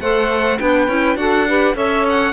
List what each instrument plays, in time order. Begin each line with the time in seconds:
0.00 cello A3, clarinet A4, saxophone C5, violin F#5
0.59 cello B3, clarinet D4, saxophone B4, violin G5
0.88 cello C#4, clarinet E4
1.16 cello D4, clarinet F#4, saxophone A4, violin F#5
1.48 clarinet G4, saxophone B4
1.74 cello C#4, clarinet A4, saxophone C#5, violin E5
2.09 violin F#5